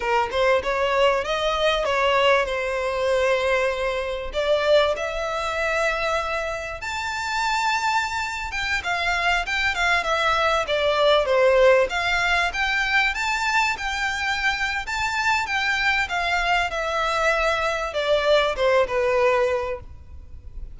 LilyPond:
\new Staff \with { instrumentName = "violin" } { \time 4/4 \tempo 4 = 97 ais'8 c''8 cis''4 dis''4 cis''4 | c''2. d''4 | e''2. a''4~ | a''4.~ a''16 g''8 f''4 g''8 f''16~ |
f''16 e''4 d''4 c''4 f''8.~ | f''16 g''4 a''4 g''4.~ g''16 | a''4 g''4 f''4 e''4~ | e''4 d''4 c''8 b'4. | }